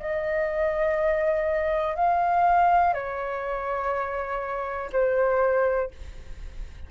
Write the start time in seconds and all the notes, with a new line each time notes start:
0.00 D#5
1.96 F5
2.94 C#5
4.93 C5